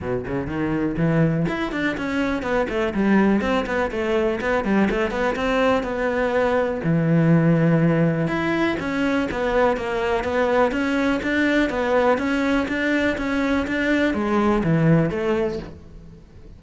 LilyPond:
\new Staff \with { instrumentName = "cello" } { \time 4/4 \tempo 4 = 123 b,8 cis8 dis4 e4 e'8 d'8 | cis'4 b8 a8 g4 c'8 b8 | a4 b8 g8 a8 b8 c'4 | b2 e2~ |
e4 e'4 cis'4 b4 | ais4 b4 cis'4 d'4 | b4 cis'4 d'4 cis'4 | d'4 gis4 e4 a4 | }